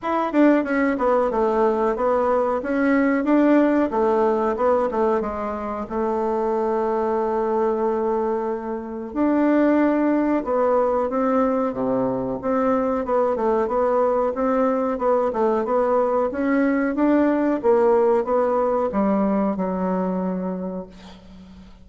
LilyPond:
\new Staff \with { instrumentName = "bassoon" } { \time 4/4 \tempo 4 = 92 e'8 d'8 cis'8 b8 a4 b4 | cis'4 d'4 a4 b8 a8 | gis4 a2.~ | a2 d'2 |
b4 c'4 c4 c'4 | b8 a8 b4 c'4 b8 a8 | b4 cis'4 d'4 ais4 | b4 g4 fis2 | }